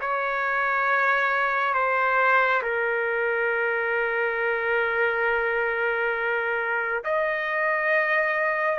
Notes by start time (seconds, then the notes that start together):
0.00 C#5
1.74 C5
2.62 A#4
7.04 D#5